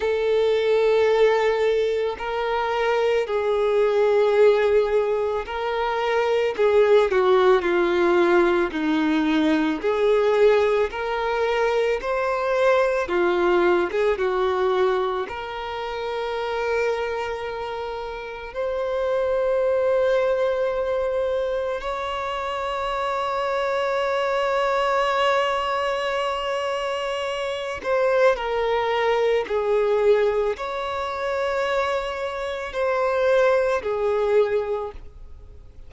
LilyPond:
\new Staff \with { instrumentName = "violin" } { \time 4/4 \tempo 4 = 55 a'2 ais'4 gis'4~ | gis'4 ais'4 gis'8 fis'8 f'4 | dis'4 gis'4 ais'4 c''4 | f'8. gis'16 fis'4 ais'2~ |
ais'4 c''2. | cis''1~ | cis''4. c''8 ais'4 gis'4 | cis''2 c''4 gis'4 | }